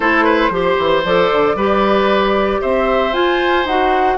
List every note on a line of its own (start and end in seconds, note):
0.00 0.49 A3
0.00 0.51 E4
0.00 0.24 A4
0.00 1.02 C5
0.24 0.50 B4
0.49 0.75 F3
0.49 1.03 G4
0.49 1.56 C5
0.78 1.04 E3
1.04 1.30 F3
1.04 1.58 A4
1.04 2.61 D5
1.32 1.55 D3
1.55 2.59 G3
1.55 3.12 G4
1.55 2.61 B4
2.61 3.13 C4
2.61 4.17 C5
2.61 3.13 E5
3.12 3.65 F4
3.12 3.64 F4
3.12 3.66 G#5
3.64 4.16 D#4
3.64 4.17 F#4
3.64 4.17 F#5